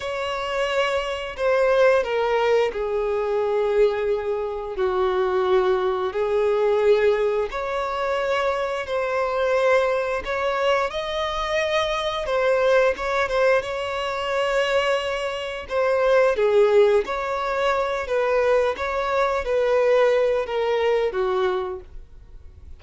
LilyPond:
\new Staff \with { instrumentName = "violin" } { \time 4/4 \tempo 4 = 88 cis''2 c''4 ais'4 | gis'2. fis'4~ | fis'4 gis'2 cis''4~ | cis''4 c''2 cis''4 |
dis''2 c''4 cis''8 c''8 | cis''2. c''4 | gis'4 cis''4. b'4 cis''8~ | cis''8 b'4. ais'4 fis'4 | }